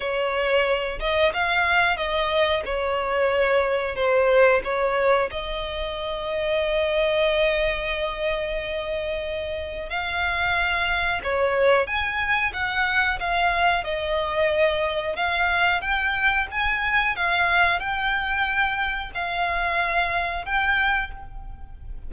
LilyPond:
\new Staff \with { instrumentName = "violin" } { \time 4/4 \tempo 4 = 91 cis''4. dis''8 f''4 dis''4 | cis''2 c''4 cis''4 | dis''1~ | dis''2. f''4~ |
f''4 cis''4 gis''4 fis''4 | f''4 dis''2 f''4 | g''4 gis''4 f''4 g''4~ | g''4 f''2 g''4 | }